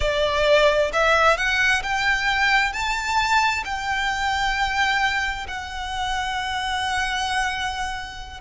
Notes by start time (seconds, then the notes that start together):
0.00 D5
0.92 E5
1.37 F#5
1.83 G5
2.72 A5
3.64 G5
5.48 F#5